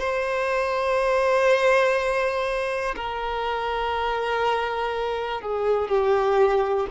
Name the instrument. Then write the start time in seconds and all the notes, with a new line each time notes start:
violin
0.00 C5
2.96 A#4
5.41 G#4
5.89 G4